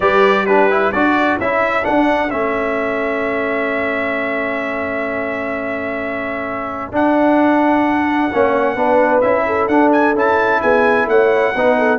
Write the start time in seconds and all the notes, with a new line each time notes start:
0.00 G3 G4 B4 D5
0.46 D4 G4 B4
0.70 E4
0.91 D4 F#4 A4 D5
1.39 C#4 E4 E5
1.82 D4 F#5
2.30 A3 C#4 E5
6.91 D4 F#5
8.32 A#3 C#4 C#5
8.75 B3 D4 B4
9.21 C#4 E4 E5
9.46 A4
9.68 D4 F#5
9.92 G#5
10.14 C#4 E4 A5
10.61 B3 G#4 G#5
11.06 A3 C#5 F#5
11.55 B3 D#4 B4
11.78 A4